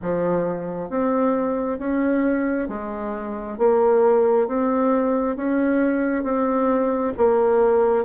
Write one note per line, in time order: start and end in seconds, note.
0.02 0.90 F3
0.90 1.79 C4
1.79 2.68 C#4
2.68 3.58 G#3
3.58 4.47 A#3
4.47 5.36 C4
5.36 6.23 C#4
6.23 7.13 C4
7.17 8.04 A#3